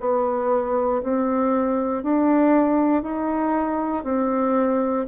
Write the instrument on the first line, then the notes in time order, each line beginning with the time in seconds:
bassoon
0.00 B3
1.03 C4
2.03 D4
3.03 D#4
4.04 C4